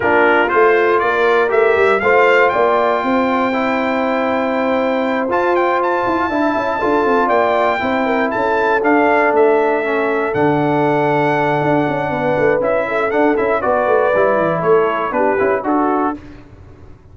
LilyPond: <<
  \new Staff \with { instrumentName = "trumpet" } { \time 4/4 \tempo 4 = 119 ais'4 c''4 d''4 e''4 | f''4 g''2.~ | g''2~ g''8 a''8 g''8 a''8~ | a''2~ a''8 g''4.~ |
g''8 a''4 f''4 e''4.~ | e''8 fis''2.~ fis''8~ | fis''4 e''4 fis''8 e''8 d''4~ | d''4 cis''4 b'4 a'4 | }
  \new Staff \with { instrumentName = "horn" } { \time 4/4 f'2 ais'2 | c''4 d''4 c''2~ | c''1~ | c''8 e''4 a'4 d''4 c''8 |
ais'8 a'2.~ a'8~ | a'1 | b'4. a'4. b'4~ | b'4 a'4 g'4 fis'4 | }
  \new Staff \with { instrumentName = "trombone" } { \time 4/4 d'4 f'2 g'4 | f'2. e'4~ | e'2~ e'8 f'4.~ | f'8 e'4 f'2 e'8~ |
e'4. d'2 cis'8~ | cis'8 d'2.~ d'8~ | d'4 e'4 d'8 e'8 fis'4 | e'2 d'8 e'8 fis'4 | }
  \new Staff \with { instrumentName = "tuba" } { \time 4/4 ais4 a4 ais4 a8 g8 | a4 ais4 c'2~ | c'2~ c'8 f'4. | e'8 d'8 cis'8 d'8 c'8 ais4 c'8~ |
c'8 cis'4 d'4 a4.~ | a8 d2~ d8 d'8 cis'8 | b8 a8 cis'4 d'8 cis'8 b8 a8 | g8 e8 a4 b8 cis'8 d'4 | }
>>